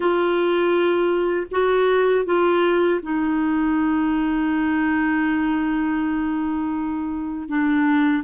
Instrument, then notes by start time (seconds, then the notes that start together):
clarinet
0.00 F4
1.51 F#4
2.25 F4
3.02 D#4
7.48 D4